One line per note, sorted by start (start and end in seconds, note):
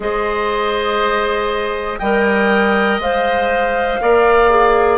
0.00 1.99 G#3
0.00 2.00 G#4
0.00 1.99 C5
0.00 1.99 D#5
1.99 2.98 G3
1.99 3.02 A#4
1.99 3.99 D#5
1.99 2.99 G5
2.98 3.98 G#3
2.98 4.01 C5
2.98 4.98 F5
4.01 4.98 A#3
4.01 4.50 A#4
4.01 4.98 D5
4.50 4.98 G#4